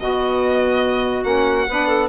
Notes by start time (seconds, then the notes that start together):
0.00 B2 B3 F#4 D#5
1.24 A#3 C#4 F#5
1.69 B3 D4 B4
1.88 A4